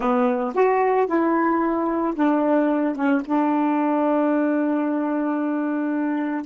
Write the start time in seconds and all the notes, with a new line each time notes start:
0.00 B3
0.54 F#4
1.06 E4
2.15 D4
2.95 C#4
3.25 D4